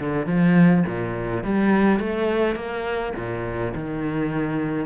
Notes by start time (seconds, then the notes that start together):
0.00 D3
0.26 F3
0.87 A#2
1.44 G3
2.00 A3
2.56 A#3
3.16 A#2
3.75 D#3